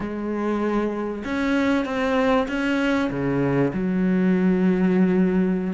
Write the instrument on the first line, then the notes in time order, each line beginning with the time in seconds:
cello
0.00 G#3
1.24 C#4
1.85 C4
2.47 C#4
3.10 C#3
3.73 F#3